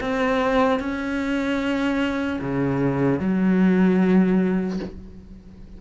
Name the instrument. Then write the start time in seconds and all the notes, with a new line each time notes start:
cello
0.00 C4
0.79 C#4
2.41 C#3
3.19 F#3